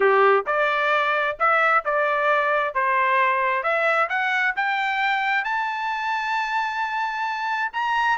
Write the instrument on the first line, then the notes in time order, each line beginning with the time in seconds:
trumpet
0.00 G4
0.46 D5
1.39 E5
1.84 D5
2.74 C5
3.63 E5
4.09 F#5
4.56 G5
5.44 A5
7.72 A#5